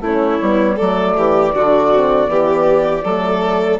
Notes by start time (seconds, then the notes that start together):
0.00 A3 C#4 E4 C#5
0.41 G3 B3
0.75 F#3 A3 A4 D5
1.16 E3 G4
1.53 D3 D4 F#4
1.91 C4
2.26 E3 B3 G4
3.04 F#3 A3 A4